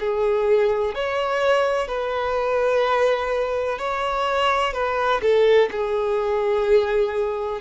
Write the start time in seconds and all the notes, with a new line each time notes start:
0.00 G#4
0.95 C#5
1.88 B4
3.79 C#5
4.74 B4
5.22 A4
5.71 G#4